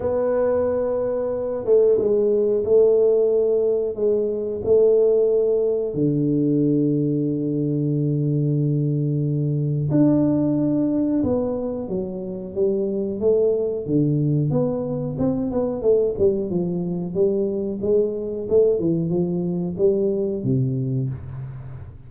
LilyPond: \new Staff \with { instrumentName = "tuba" } { \time 4/4 \tempo 4 = 91 b2~ b8 a8 gis4 | a2 gis4 a4~ | a4 d2.~ | d2. d'4~ |
d'4 b4 fis4 g4 | a4 d4 b4 c'8 b8 | a8 g8 f4 g4 gis4 | a8 e8 f4 g4 c4 | }